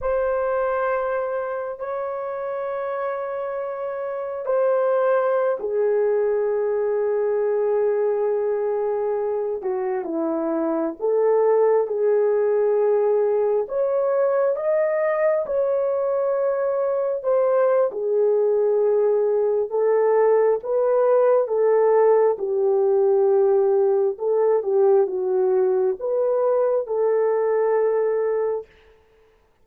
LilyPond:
\new Staff \with { instrumentName = "horn" } { \time 4/4 \tempo 4 = 67 c''2 cis''2~ | cis''4 c''4~ c''16 gis'4.~ gis'16~ | gis'2~ gis'8. fis'8 e'8.~ | e'16 a'4 gis'2 cis''8.~ |
cis''16 dis''4 cis''2 c''8. | gis'2 a'4 b'4 | a'4 g'2 a'8 g'8 | fis'4 b'4 a'2 | }